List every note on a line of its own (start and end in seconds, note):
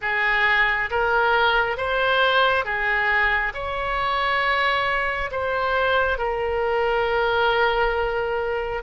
0.01 0.89 G#4
0.90 1.76 A#4
1.76 2.64 C5
2.64 3.53 G#4
3.53 5.30 C#5
5.31 6.18 C5
6.18 8.82 A#4